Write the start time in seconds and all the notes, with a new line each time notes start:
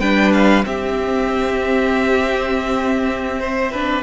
0.00 G3 D4 B4 G5
0.33 F5
0.64 C4 G4 E5
3.40 C5
3.72 D4 B4